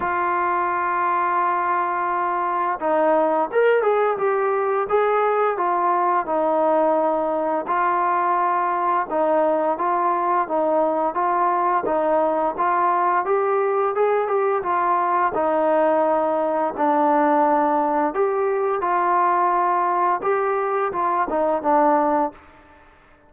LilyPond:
\new Staff \with { instrumentName = "trombone" } { \time 4/4 \tempo 4 = 86 f'1 | dis'4 ais'8 gis'8 g'4 gis'4 | f'4 dis'2 f'4~ | f'4 dis'4 f'4 dis'4 |
f'4 dis'4 f'4 g'4 | gis'8 g'8 f'4 dis'2 | d'2 g'4 f'4~ | f'4 g'4 f'8 dis'8 d'4 | }